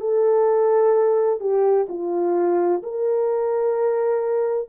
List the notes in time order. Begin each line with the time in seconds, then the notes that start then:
0.00 A4
1.40 G4
1.89 F4
2.83 A#4